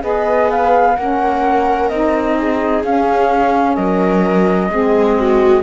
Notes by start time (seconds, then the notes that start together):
0.00 B3 G#4 B4 D#5
0.50 F5
0.96 A#3 C#4 A#4 F#5
1.88 C4 D#4 D#5
2.38 G#4
2.84 C#4 F5
3.75 F#3 A#4 D#5
4.69 G#3 C4 G#4
5.18 F#4